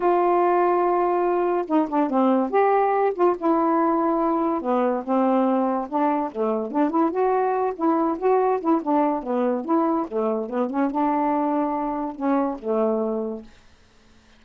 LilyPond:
\new Staff \with { instrumentName = "saxophone" } { \time 4/4 \tempo 4 = 143 f'1 | dis'8 d'8 c'4 g'4. f'8 | e'2. b4 | c'2 d'4 a4 |
d'8 e'8 fis'4. e'4 fis'8~ | fis'8 e'8 d'4 b4 e'4 | a4 b8 cis'8 d'2~ | d'4 cis'4 a2 | }